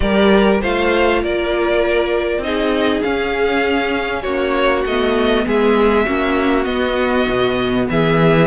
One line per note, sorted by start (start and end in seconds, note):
0.00 0.61 G3
0.00 0.61 G4
0.00 0.61 A#4
0.00 0.59 D5
0.61 1.23 A3
0.61 2.43 F4
0.61 1.21 C5
0.61 1.23 F5
1.22 2.38 A#3
1.22 2.43 A#4
1.22 2.43 D5
2.38 2.99 C4
2.38 3.04 D#4
2.38 3.02 D#5
2.46 4.22 G#4
3.02 4.86 C#4
3.02 4.23 C#4
3.02 4.22 F5
4.22 4.84 A#3
4.22 5.43 F#4
4.22 4.83 C#5
4.85 5.45 A3
4.85 6.06 B3
4.85 5.47 D#5
5.46 6.07 G#3
5.46 6.05 G#4
5.46 6.64 E5
6.05 6.65 A#3
6.05 6.64 C#4
6.05 7.87 F#4
6.64 8.46 B3
6.64 7.26 B3
6.64 7.85 D#5
7.28 7.89 B2
7.89 8.46 E3
7.89 8.46 G#4
7.89 8.46 E5